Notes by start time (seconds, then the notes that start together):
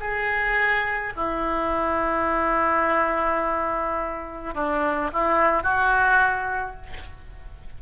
0.00 G#4
1.16 E4
4.54 D4
5.13 E4
5.63 F#4